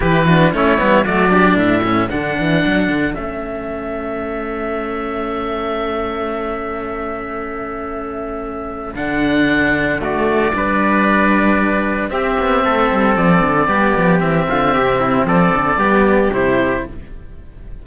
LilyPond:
<<
  \new Staff \with { instrumentName = "oboe" } { \time 4/4 \tempo 4 = 114 b'4 cis''4 d''4 e''4 | fis''2 e''2~ | e''1~ | e''1~ |
e''4 fis''2 d''4~ | d''2. e''4~ | e''4 d''2 e''4~ | e''4 d''2 c''4 | }
  \new Staff \with { instrumentName = "trumpet" } { \time 4/4 g'8 fis'8 e'4 fis'8 g'8 a'4~ | a'1~ | a'1~ | a'1~ |
a'2. fis'4 | b'2. g'4 | a'2 g'4. f'8 | g'8 e'8 a'4 g'2 | }
  \new Staff \with { instrumentName = "cello" } { \time 4/4 e'8 d'8 cis'8 b8 a8 d'4 cis'8 | d'2 cis'2~ | cis'1~ | cis'1~ |
cis'4 d'2 a4 | d'2. c'4~ | c'2 b4 c'4~ | c'2 b4 e'4 | }
  \new Staff \with { instrumentName = "cello" } { \time 4/4 e4 a8 g8 fis4 a,4 | d8 e8 fis8 d8 a2~ | a1~ | a1~ |
a4 d2. | g2. c'8 b8 | a8 g8 f8 d8 g8 f8 e8 d8 | c4 f8 d8 g4 c4 | }
>>